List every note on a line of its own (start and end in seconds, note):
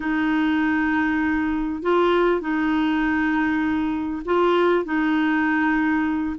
0.00 1.82 D#4
1.82 2.40 F4
2.40 4.22 D#4
4.25 4.85 F4
4.85 6.36 D#4